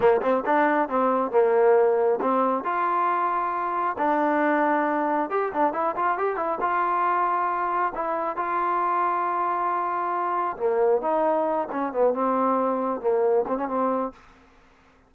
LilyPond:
\new Staff \with { instrumentName = "trombone" } { \time 4/4 \tempo 4 = 136 ais8 c'8 d'4 c'4 ais4~ | ais4 c'4 f'2~ | f'4 d'2. | g'8 d'8 e'8 f'8 g'8 e'8 f'4~ |
f'2 e'4 f'4~ | f'1 | ais4 dis'4. cis'8 b8 c'8~ | c'4. ais4 c'16 cis'16 c'4 | }